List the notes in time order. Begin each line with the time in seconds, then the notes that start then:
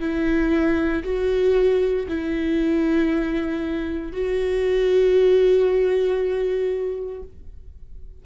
0.00 E4
1.03 F#4
2.09 E4
4.13 F#4